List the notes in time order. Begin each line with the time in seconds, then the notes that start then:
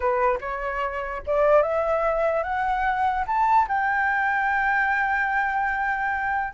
0.00 B4
0.40 C#5
1.26 D5
1.62 E5
2.43 F#5
3.26 A5
3.68 G5